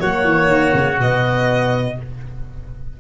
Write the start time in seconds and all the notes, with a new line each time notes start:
0.00 F#3 A#3 F#4 C#5
0.24 E3
0.47 D#3
0.74 C#3
0.98 B2 B3 D#5